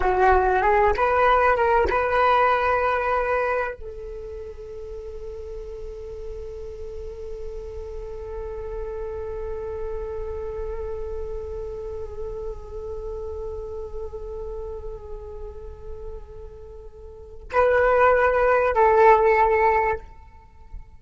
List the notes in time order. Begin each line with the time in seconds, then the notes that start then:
0.00 F#4
0.62 G#4
0.96 B4
1.56 A#4
1.89 B4
3.74 A4
17.51 B4
18.74 A4